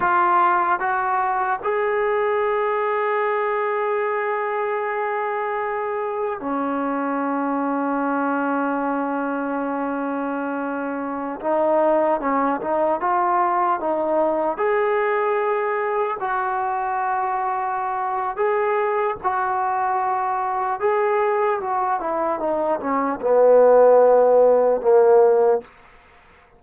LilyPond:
\new Staff \with { instrumentName = "trombone" } { \time 4/4 \tempo 4 = 75 f'4 fis'4 gis'2~ | gis'1 | cis'1~ | cis'2~ cis'16 dis'4 cis'8 dis'16~ |
dis'16 f'4 dis'4 gis'4.~ gis'16~ | gis'16 fis'2~ fis'8. gis'4 | fis'2 gis'4 fis'8 e'8 | dis'8 cis'8 b2 ais4 | }